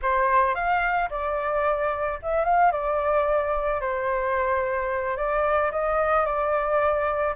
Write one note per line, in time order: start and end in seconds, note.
0.02 0.54 C5
0.54 1.09 F5
1.10 2.19 D5
2.22 2.44 E5
2.44 2.71 F5
2.71 3.80 D5
3.80 5.16 C5
5.16 5.71 D5
5.71 6.25 D#5
6.25 7.34 D5